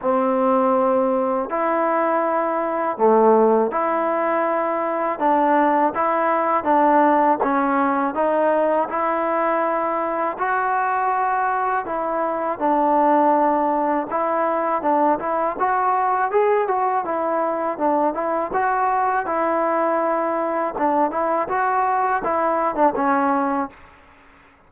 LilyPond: \new Staff \with { instrumentName = "trombone" } { \time 4/4 \tempo 4 = 81 c'2 e'2 | a4 e'2 d'4 | e'4 d'4 cis'4 dis'4 | e'2 fis'2 |
e'4 d'2 e'4 | d'8 e'8 fis'4 gis'8 fis'8 e'4 | d'8 e'8 fis'4 e'2 | d'8 e'8 fis'4 e'8. d'16 cis'4 | }